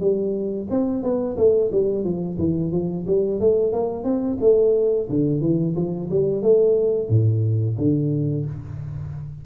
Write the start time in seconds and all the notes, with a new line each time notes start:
0.00 G3
0.70 C4
1.03 B3
1.37 A3
1.72 G3
2.04 F3
2.38 E3
2.72 F3
3.07 G3
3.40 A3
3.73 A#3
4.04 C4
4.41 A3
5.09 D3
5.41 E3
5.75 F3
6.10 G3
6.42 A3
7.09 A2
7.78 D3